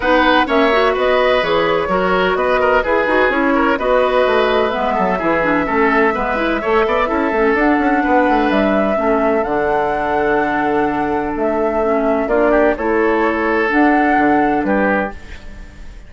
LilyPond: <<
  \new Staff \with { instrumentName = "flute" } { \time 4/4 \tempo 4 = 127 fis''4 e''4 dis''4 cis''4~ | cis''4 dis''4 b'4 cis''4 | dis''2 e''2~ | e''1 |
fis''2 e''2 | fis''1 | e''2 d''4 cis''4~ | cis''4 fis''2 b'4 | }
  \new Staff \with { instrumentName = "oboe" } { \time 4/4 b'4 cis''4 b'2 | ais'4 b'8 ais'8 gis'4. ais'8 | b'2~ b'8 a'8 gis'4 | a'4 b'4 cis''8 d''8 a'4~ |
a'4 b'2 a'4~ | a'1~ | a'2 f'8 g'8 a'4~ | a'2. g'4 | }
  \new Staff \with { instrumentName = "clarinet" } { \time 4/4 dis'4 cis'8 fis'4. gis'4 | fis'2 gis'8 fis'8 e'4 | fis'2 b4 e'8 d'8 | cis'4 b8 e'8 a'4 e'8 cis'8 |
d'2. cis'4 | d'1~ | d'4 cis'4 d'4 e'4~ | e'4 d'2. | }
  \new Staff \with { instrumentName = "bassoon" } { \time 4/4 b4 ais4 b4 e4 | fis4 b4 e'8 dis'8 cis'4 | b4 a4 gis8 fis8 e4 | a4 gis4 a8 b8 cis'8 a8 |
d'8 cis'8 b8 a8 g4 a4 | d1 | a2 ais4 a4~ | a4 d'4 d4 g4 | }
>>